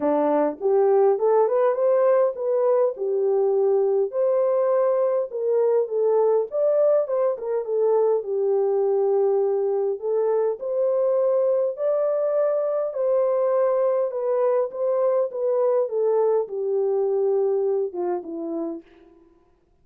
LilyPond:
\new Staff \with { instrumentName = "horn" } { \time 4/4 \tempo 4 = 102 d'4 g'4 a'8 b'8 c''4 | b'4 g'2 c''4~ | c''4 ais'4 a'4 d''4 | c''8 ais'8 a'4 g'2~ |
g'4 a'4 c''2 | d''2 c''2 | b'4 c''4 b'4 a'4 | g'2~ g'8 f'8 e'4 | }